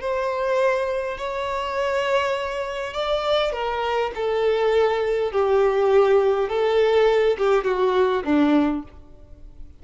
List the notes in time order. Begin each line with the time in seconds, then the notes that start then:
0.00 C5
1.18 C#5
2.93 D5
3.52 A#4
4.14 A4
5.31 G4
6.49 A4
7.37 G4
7.64 F#4
8.24 D4